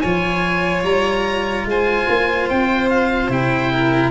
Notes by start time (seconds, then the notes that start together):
0.00 F3 F4 C#5 G#5
0.83 G3 A#5
1.65 G#3 C5 G#5
2.08 A#3
2.49 C4 G5
2.89 F5
3.28 C3 E4 G5
3.72 A#4